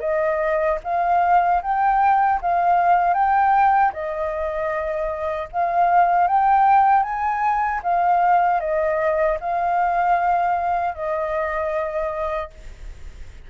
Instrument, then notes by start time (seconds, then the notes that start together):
flute
0.00 D#5
0.84 F5
1.62 G5
2.41 F5
3.13 G5
3.93 D#5
5.52 F5
6.27 G5
7.03 G#5
7.83 F5
8.60 D#5
9.40 F5
10.94 D#5